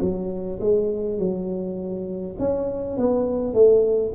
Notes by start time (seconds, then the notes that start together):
0.00 F#3
0.60 G#3
1.19 F#3
2.39 C#4
2.97 B3
3.53 A3